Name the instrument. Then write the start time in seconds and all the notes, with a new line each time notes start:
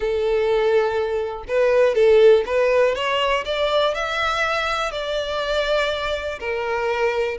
violin
0.00 A4
1.48 B4
1.94 A4
2.46 B4
2.95 C#5
3.45 D5
3.94 E5
4.91 D5
6.39 A#4